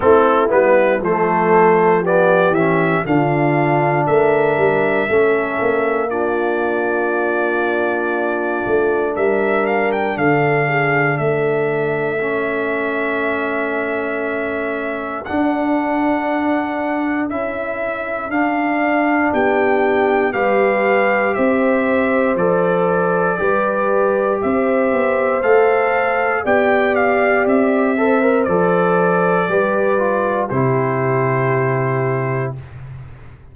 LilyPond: <<
  \new Staff \with { instrumentName = "trumpet" } { \time 4/4 \tempo 4 = 59 a'8 b'8 c''4 d''8 e''8 f''4 | e''2 d''2~ | d''4 e''8 f''16 g''16 f''4 e''4~ | e''2. fis''4~ |
fis''4 e''4 f''4 g''4 | f''4 e''4 d''2 | e''4 f''4 g''8 f''8 e''4 | d''2 c''2 | }
  \new Staff \with { instrumentName = "horn" } { \time 4/4 e'4 a'4 g'4 f'4 | ais'4 a'4 f'2~ | f'4 ais'4 a'8 gis'8 a'4~ | a'1~ |
a'2. g'4 | b'4 c''2 b'4 | c''2 d''4. c''8~ | c''4 b'4 g'2 | }
  \new Staff \with { instrumentName = "trombone" } { \time 4/4 c'8 b8 a4 b8 cis'8 d'4~ | d'4 cis'4 d'2~ | d'1 | cis'2. d'4~ |
d'4 e'4 d'2 | g'2 a'4 g'4~ | g'4 a'4 g'4. a'16 ais'16 | a'4 g'8 f'8 e'2 | }
  \new Staff \with { instrumentName = "tuba" } { \time 4/4 a8 g8 f4. e8 d4 | a8 g8 a8 ais2~ ais8~ | ais8 a8 g4 d4 a4~ | a2. d'4~ |
d'4 cis'4 d'4 b4 | g4 c'4 f4 g4 | c'8 b8 a4 b4 c'4 | f4 g4 c2 | }
>>